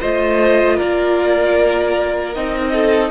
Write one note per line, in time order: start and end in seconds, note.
0.00 0.80 A3
0.00 2.35 F4
0.00 0.76 C5
0.00 0.78 D#5
0.76 2.36 A#3
0.76 2.71 A#4
0.76 2.34 D5
2.35 3.11 C4
2.35 3.11 D#4
2.35 3.11 D#5
2.72 3.11 A4